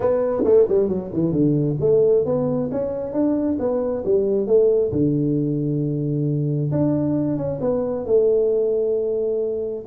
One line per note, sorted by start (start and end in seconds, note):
0.00 0.43 B3
0.44 0.66 A3
0.68 0.88 G3
0.88 1.11 F#3
1.12 1.32 E3
1.32 1.76 D3
1.80 2.25 A3
2.25 2.69 B3
2.71 3.12 C#4
3.12 3.57 D4
3.59 4.04 B3
4.04 4.47 G3
4.47 4.91 A3
4.92 6.71 D3
6.71 7.37 D4
7.37 7.59 C#4
7.60 8.05 B3
8.05 9.84 A3